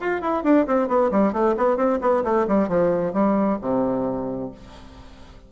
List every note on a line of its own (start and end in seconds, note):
0.00 0.21 F4
0.21 0.44 E4
0.44 0.66 D4
0.67 0.88 C4
0.88 1.11 B3
1.11 1.33 G3
1.33 1.55 A3
1.57 1.77 B3
1.77 1.99 C4
2.01 2.24 B3
2.24 2.47 A3
2.48 2.69 G3
2.69 3.13 F3
3.13 3.58 G3
3.61 4.51 C3